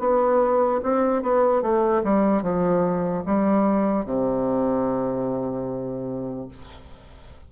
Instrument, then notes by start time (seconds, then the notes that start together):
bassoon
0.00 B3
0.83 C4
1.23 B3
1.62 A3
2.04 G3
2.43 F3
3.26 G3
4.05 C3